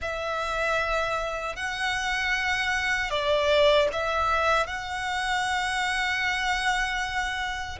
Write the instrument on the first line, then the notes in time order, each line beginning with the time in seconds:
violin
0.01 E5
1.55 F#5
3.10 D5
3.92 E5
4.66 F#5